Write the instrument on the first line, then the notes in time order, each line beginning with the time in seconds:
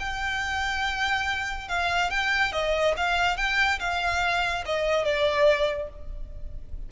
violin
0.00 G5
1.69 F5
2.11 G5
2.53 D#5
2.97 F5
3.37 G5
3.80 F5
4.66 D#5
5.05 D5